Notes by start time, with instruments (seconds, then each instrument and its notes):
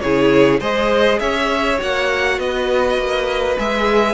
0.00 cello C#3, viola E4, violin G#4 C#5
0.60 cello G#3, viola G#4, violin C5 D#5
1.19 cello C#4, violin C#5 E5
1.78 cello A#3, viola F#4, violin F#5
2.38 cello B3, violin B4 D#5
2.97 cello A#3
3.58 cello G#3, viola G#4, violin E5